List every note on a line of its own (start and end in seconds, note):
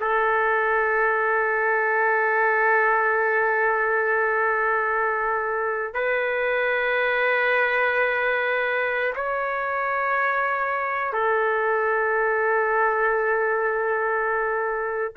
0.00 5.94 A4
5.94 9.14 B4
9.15 11.12 C#5
11.12 15.12 A4